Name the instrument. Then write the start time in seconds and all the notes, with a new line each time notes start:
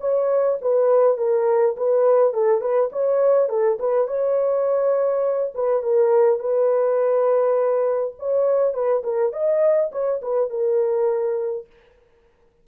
horn
0.00 C#5
0.61 B4
1.17 A#4
1.76 B4
2.33 A4
2.61 B4
2.92 C#5
3.49 A4
3.79 B4
4.07 C#5
5.55 B4
5.83 A#4
6.39 B4
8.19 C#5
8.74 B4
9.03 A#4
9.32 D#5
9.92 C#5
10.22 B4
10.50 A#4